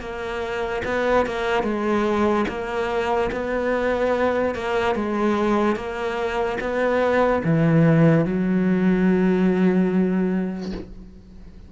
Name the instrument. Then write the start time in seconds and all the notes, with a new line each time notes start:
cello
0.00 A#3
0.85 B3
1.26 A#3
1.63 G#3
2.48 A#3
3.32 B3
4.55 A#3
4.95 G#3
5.76 A#3
6.61 B3
7.44 E3
8.26 F#3